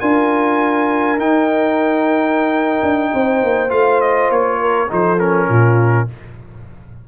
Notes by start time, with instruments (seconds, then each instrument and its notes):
0.00 tuba D4, trombone F4, horn A#4, trumpet G#5
1.17 tuba D#4, trombone D#4, trumpet G5
2.82 tuba D4
3.13 tuba C4, horn C5
3.43 tuba A#3
3.69 tuba A3, trombone F4, trumpet F5
4.01 trumpet D#5
4.30 tuba A#3, trumpet C#5
4.60 horn A#4
4.88 tuba F3, trombone D#4, horn A4, trumpet C5
5.18 trombone C#4, trumpet A#4
5.49 tuba A#2, horn F4